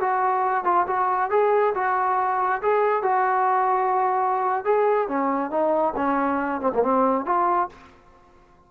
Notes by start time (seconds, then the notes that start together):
0.00 F#4
0.64 F4
0.87 F#4
1.30 G#4
1.74 F#4
2.61 G#4
3.02 F#4
4.64 G#4
5.08 C#4
5.50 D#4
5.96 C#4
6.61 C4
6.74 A#3
6.82 C4
7.25 F4